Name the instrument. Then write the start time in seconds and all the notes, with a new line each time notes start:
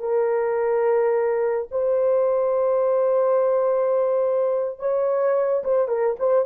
horn
0.00 A#4
1.72 C5
4.80 C#5
5.64 C5
5.89 A#4
6.20 C5